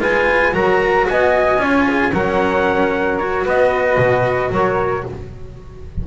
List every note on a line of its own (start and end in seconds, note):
0.00 0.53 G#3
0.00 0.52 F4
0.00 0.54 B4
0.00 0.54 G#5
0.52 1.07 F#3
0.52 1.58 F#4
0.52 1.07 A#4
0.52 1.07 A#5
1.08 1.58 B3
1.08 1.62 D#5
1.08 2.14 G#5
1.58 2.11 C#4
1.58 2.12 F4
1.58 1.88 C#5
1.88 2.13 G#4
2.13 3.46 F#3
2.13 3.19 C#4
2.13 3.44 A#4
2.13 3.18 F#5
3.18 5.05 F#4
3.18 3.45 C#5
3.44 3.97 B3
3.44 4.51 B4
3.44 4.54 D#5
3.97 4.50 B2
4.51 5.04 F#3
4.51 5.06 A#4
4.51 5.07 C#5